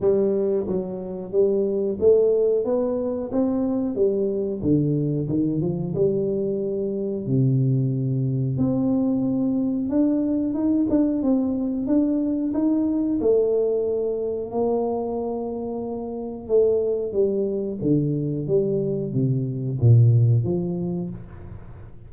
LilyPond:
\new Staff \with { instrumentName = "tuba" } { \time 4/4 \tempo 4 = 91 g4 fis4 g4 a4 | b4 c'4 g4 d4 | dis8 f8 g2 c4~ | c4 c'2 d'4 |
dis'8 d'8 c'4 d'4 dis'4 | a2 ais2~ | ais4 a4 g4 d4 | g4 c4 ais,4 f4 | }